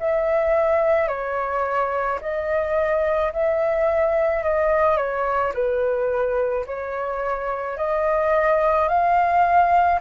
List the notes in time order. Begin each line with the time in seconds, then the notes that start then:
0.00 E5
1.08 C#5
2.21 D#5
3.33 E5
4.43 D#5
4.97 C#5
5.54 B4
6.66 C#5
7.77 D#5
8.88 F5